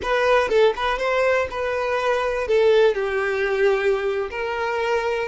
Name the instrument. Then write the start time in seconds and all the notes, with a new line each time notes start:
violin
0.02 B4
0.49 A4
0.76 B4
0.98 C5
1.50 B4
2.47 A4
2.94 G4
4.30 A#4